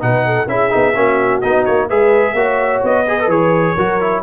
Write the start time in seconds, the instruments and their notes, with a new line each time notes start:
0.00 tuba B2, trombone D#4, horn B4, trumpet F#5
0.26 horn A4
0.48 tuba C#4, trombone E4, horn G#4, trumpet E5
0.70 tuba B3, trombone D#4
0.95 tuba A#3, trombone C#4, horn F#4
1.41 tuba B3, trombone D#4, trumpet D#5
1.65 tuba A#3, trumpet C#5
1.87 tuba G#3, trombone G#4, horn B4, trumpet E5
2.34 tuba A#3, trombone F#4, horn C#5
2.84 tuba B3, trumpet D#5
3.07 trombone G#4, horn B4
3.20 trombone A4
3.28 tuba E3, trombone G#4, trumpet C#5
3.75 tuba F#3, trombone F#4, horn A#4
4.01 trombone E4